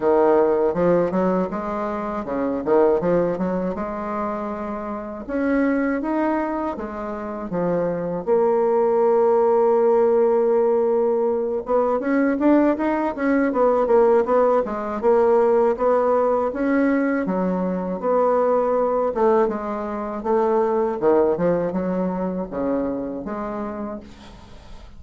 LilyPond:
\new Staff \with { instrumentName = "bassoon" } { \time 4/4 \tempo 4 = 80 dis4 f8 fis8 gis4 cis8 dis8 | f8 fis8 gis2 cis'4 | dis'4 gis4 f4 ais4~ | ais2.~ ais8 b8 |
cis'8 d'8 dis'8 cis'8 b8 ais8 b8 gis8 | ais4 b4 cis'4 fis4 | b4. a8 gis4 a4 | dis8 f8 fis4 cis4 gis4 | }